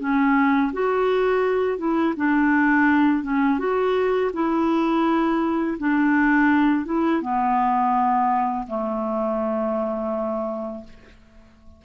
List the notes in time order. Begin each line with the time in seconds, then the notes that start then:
0.00 C#4
0.73 F#4
1.78 E4
2.17 D4
3.24 C#4
3.59 F#4
4.33 E4
5.79 D4
6.86 E4
7.22 B3
8.67 A3